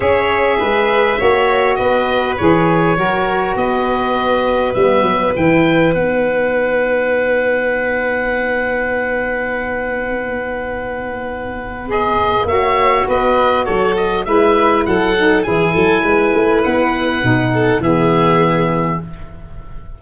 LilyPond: <<
  \new Staff \with { instrumentName = "oboe" } { \time 4/4 \tempo 4 = 101 e''2. dis''4 | cis''2 dis''2 | e''4 g''4 fis''2~ | fis''1~ |
fis''1 | dis''4 e''4 dis''4 cis''8 dis''8 | e''4 fis''4 gis''2 | fis''2 e''2 | }
  \new Staff \with { instrumentName = "violin" } { \time 4/4 cis''4 b'4 cis''4 b'4~ | b'4 ais'4 b'2~ | b'1~ | b'1~ |
b'1~ | b'4 cis''4 b'4 a'4 | b'4 a'4 gis'8 a'8 b'4~ | b'4. a'8 gis'2 | }
  \new Staff \with { instrumentName = "saxophone" } { \time 4/4 gis'2 fis'2 | gis'4 fis'2. | b4 e'4 dis'2~ | dis'1~ |
dis'1 | gis'4 fis'2. | e'4. dis'8 e'2~ | e'4 dis'4 b2 | }
  \new Staff \with { instrumentName = "tuba" } { \time 4/4 cis'4 gis4 ais4 b4 | e4 fis4 b2 | g8 fis8 e4 b2~ | b1~ |
b1~ | b4 ais4 b4 fis4 | gis4 fis4 e8 fis8 gis8 a8 | b4 b,4 e2 | }
>>